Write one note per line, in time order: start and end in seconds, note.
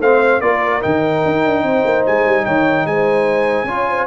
0.00 0.41 A3
0.00 0.43 C4
0.00 0.41 C5
0.00 0.41 F5
0.41 0.82 A#3
0.41 0.82 F4
0.41 1.64 A#4
0.41 0.82 D5
0.82 1.25 D#3
0.82 3.67 D#4
0.82 2.05 G5
1.25 1.45 D#4
1.45 1.63 D4
1.63 1.84 C4
1.63 2.45 C5
1.85 2.06 A#3
2.06 2.26 G#3
2.06 2.46 G#5
2.26 2.46 G3
2.45 2.86 D#3
2.45 2.86 C#5
2.45 2.86 G5
2.86 3.64 G#3
2.86 3.67 C5
2.86 4.07 G#5
3.64 4.05 C#4
3.64 4.07 F4
3.64 3.88 C#5
3.89 4.07 C5